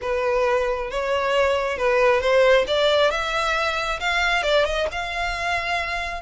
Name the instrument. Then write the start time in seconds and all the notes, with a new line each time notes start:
violin
0.01 B4
0.90 C#5
1.77 B4
2.20 C5
2.67 D5
3.10 E5
3.99 F5
4.43 D5
4.64 D#5
4.91 F5